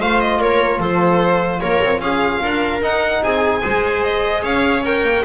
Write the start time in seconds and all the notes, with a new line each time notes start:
0.00 A3 F4 C5 F5
0.20 D#5
0.39 A#3 A#4 C#5
0.79 F3 A4 C5
1.60 A#3 A#4 C#5
1.83 C4
1.99 C#4 G#4 F5
2.42 D4 A#4
2.81 D#4 F#5
3.23 C4 G#4 G#5
3.62 G#3 G#4 C5
4.03 D#5
4.42 C#4 C#5 F5
4.84 A#4 G5
5.02 A#3